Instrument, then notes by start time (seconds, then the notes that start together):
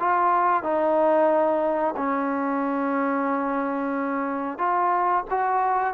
trombone
0.00 F4
0.63 D#4
1.97 C#4
4.59 F4
5.30 F#4